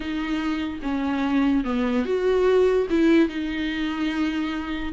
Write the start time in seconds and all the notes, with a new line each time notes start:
0.00 D#4
0.82 C#4
1.64 B3
2.05 F#4
2.90 E4
3.28 D#4